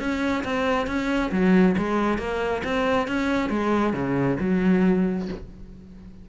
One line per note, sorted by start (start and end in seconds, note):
0.00 0.44 C#4
0.44 0.87 C4
0.87 1.31 C#4
1.32 1.76 F#3
1.78 2.18 G#3
2.18 2.62 A#3
2.64 3.08 C4
3.08 3.50 C#4
3.50 3.93 G#3
3.93 4.38 C#3
4.40 5.28 F#3